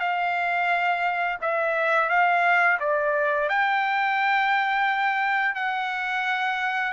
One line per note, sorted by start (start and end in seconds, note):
0.00 1.38 F5
1.42 2.09 E5
2.09 2.78 F5
2.80 3.49 D5
3.49 5.55 G5
5.55 6.92 F#5